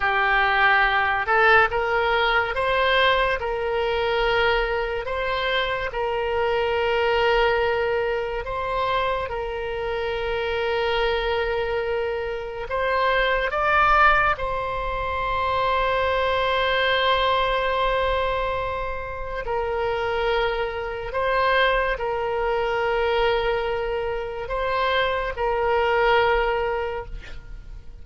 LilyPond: \new Staff \with { instrumentName = "oboe" } { \time 4/4 \tempo 4 = 71 g'4. a'8 ais'4 c''4 | ais'2 c''4 ais'4~ | ais'2 c''4 ais'4~ | ais'2. c''4 |
d''4 c''2.~ | c''2. ais'4~ | ais'4 c''4 ais'2~ | ais'4 c''4 ais'2 | }